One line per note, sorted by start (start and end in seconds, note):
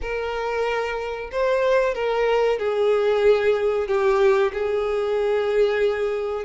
0.01 1.30 A#4
1.31 1.94 C5
1.94 2.58 A#4
2.58 3.87 G#4
3.87 4.52 G4
4.53 6.44 G#4